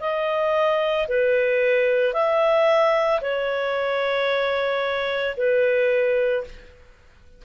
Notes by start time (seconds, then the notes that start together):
0.00 D#5
1.08 B4
2.13 E5
3.21 C#5
5.37 B4